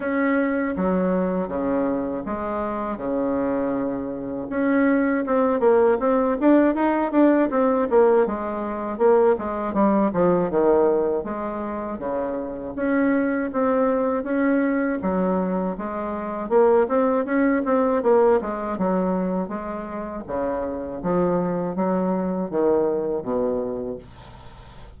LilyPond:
\new Staff \with { instrumentName = "bassoon" } { \time 4/4 \tempo 4 = 80 cis'4 fis4 cis4 gis4 | cis2 cis'4 c'8 ais8 | c'8 d'8 dis'8 d'8 c'8 ais8 gis4 | ais8 gis8 g8 f8 dis4 gis4 |
cis4 cis'4 c'4 cis'4 | fis4 gis4 ais8 c'8 cis'8 c'8 | ais8 gis8 fis4 gis4 cis4 | f4 fis4 dis4 b,4 | }